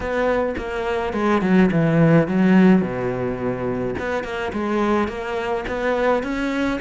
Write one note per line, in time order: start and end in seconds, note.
0.00 0.55 B3
0.57 1.13 A#3
1.13 1.41 G#3
1.41 1.70 F#3
1.71 2.27 E3
2.27 2.81 F#3
2.81 3.94 B2
3.98 4.23 B3
4.23 4.52 A#3
4.53 5.08 G#3
5.08 5.64 A#3
5.68 6.23 B3
6.23 6.79 C#4